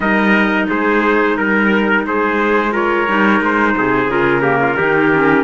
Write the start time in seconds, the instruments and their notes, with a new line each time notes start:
0.00 cello G3, clarinet D#4, trumpet A#4 D#5
0.69 cello G#3, trumpet G#4 C5
1.37 cello G3, trumpet A#4
2.05 cello G#3, trumpet G#4 C5
2.72 clarinet F4, trumpet A#4 C#5
3.07 cello G3, clarinet D#4
3.40 cello G#3, trumpet C5
3.77 cello C3, trumpet G#4
4.06 cello C#3, clarinet F4, trumpet A#4
4.41 clarinet A#3, trumpet G4
4.61 trumpet F4
4.77 cello D#3, clarinet D#4, trumpet G4
5.12 clarinet C#4